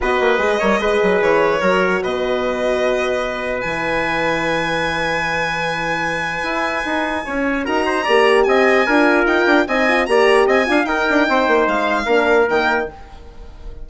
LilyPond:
<<
  \new Staff \with { instrumentName = "violin" } { \time 4/4 \tempo 4 = 149 dis''2. cis''4~ | cis''4 dis''2.~ | dis''4 gis''2.~ | gis''1~ |
gis''2. ais''4~ | ais''4 gis''2 g''4 | gis''4 ais''4 gis''4 g''4~ | g''4 f''2 g''4 | }
  \new Staff \with { instrumentName = "trumpet" } { \time 4/4 b'4. cis''8 b'2 | ais'4 b'2.~ | b'1~ | b'1~ |
b'2 cis''4 ais'8 c''8 | d''4 dis''4 ais'2 | dis''4 d''4 dis''8 f''8 ais'4 | c''2 ais'2 | }
  \new Staff \with { instrumentName = "horn" } { \time 4/4 fis'4 gis'8 ais'8 gis'2 | fis'1~ | fis'4 e'2.~ | e'1~ |
e'2. fis'4 | g'2 f'2 | dis'8 f'8 g'4. f'8 dis'4~ | dis'2 d'4 ais4 | }
  \new Staff \with { instrumentName = "bassoon" } { \time 4/4 b8 ais8 gis8 g8 gis8 fis8 e4 | fis4 b,2.~ | b,4 e2.~ | e1 |
e'4 dis'4 cis'4 dis'4 | ais4 c'4 d'4 dis'8 d'8 | c'4 ais4 c'8 d'8 dis'8 d'8 | c'8 ais8 gis4 ais4 dis4 | }
>>